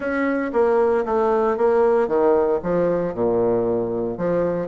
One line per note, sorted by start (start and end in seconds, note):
0.00 0.51 C#4
0.52 1.05 A#3
1.05 1.57 A3
1.57 2.07 A#3
2.07 2.59 D#3
2.62 3.14 F3
3.14 4.17 A#2
4.17 4.68 F3